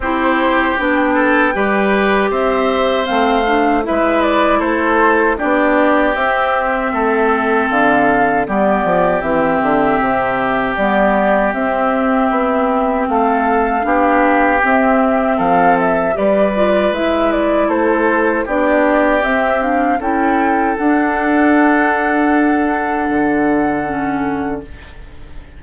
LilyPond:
<<
  \new Staff \with { instrumentName = "flute" } { \time 4/4 \tempo 4 = 78 c''4 g''2 e''4 | f''4 e''8 d''8 c''4 d''4 | e''2 f''4 d''4 | e''2 d''4 e''4~ |
e''4 f''2 e''4 | f''8 e''8 d''4 e''8 d''8 c''4 | d''4 e''8 f''8 g''4 fis''4~ | fis''1 | }
  \new Staff \with { instrumentName = "oboe" } { \time 4/4 g'4. a'8 b'4 c''4~ | c''4 b'4 a'4 g'4~ | g'4 a'2 g'4~ | g'1~ |
g'4 a'4 g'2 | a'4 b'2 a'4 | g'2 a'2~ | a'1 | }
  \new Staff \with { instrumentName = "clarinet" } { \time 4/4 e'4 d'4 g'2 | c'8 d'8 e'2 d'4 | c'2. b4 | c'2 b4 c'4~ |
c'2 d'4 c'4~ | c'4 g'8 f'8 e'2 | d'4 c'8 d'8 e'4 d'4~ | d'2. cis'4 | }
  \new Staff \with { instrumentName = "bassoon" } { \time 4/4 c'4 b4 g4 c'4 | a4 gis4 a4 b4 | c'4 a4 d4 g8 f8 | e8 d8 c4 g4 c'4 |
b4 a4 b4 c'4 | f4 g4 gis4 a4 | b4 c'4 cis'4 d'4~ | d'2 d2 | }
>>